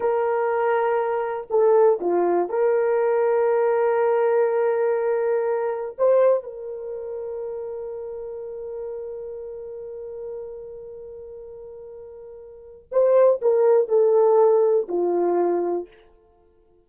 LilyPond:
\new Staff \with { instrumentName = "horn" } { \time 4/4 \tempo 4 = 121 ais'2. a'4 | f'4 ais'2.~ | ais'1 | c''4 ais'2.~ |
ais'1~ | ais'1~ | ais'2 c''4 ais'4 | a'2 f'2 | }